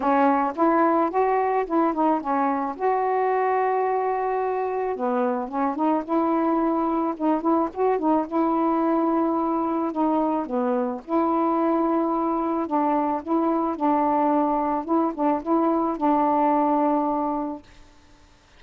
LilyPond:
\new Staff \with { instrumentName = "saxophone" } { \time 4/4 \tempo 4 = 109 cis'4 e'4 fis'4 e'8 dis'8 | cis'4 fis'2.~ | fis'4 b4 cis'8 dis'8 e'4~ | e'4 dis'8 e'8 fis'8 dis'8 e'4~ |
e'2 dis'4 b4 | e'2. d'4 | e'4 d'2 e'8 d'8 | e'4 d'2. | }